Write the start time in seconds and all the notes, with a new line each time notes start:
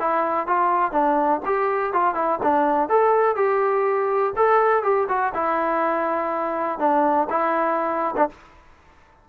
0.00 E4
0.47 F4
0.92 D4
1.45 G4
1.93 F4
2.15 E4
2.43 D4
2.89 A4
3.36 G4
4.36 A4
4.83 G4
5.09 F#4
5.35 E4
6.79 D4
7.30 E4
8.17 D4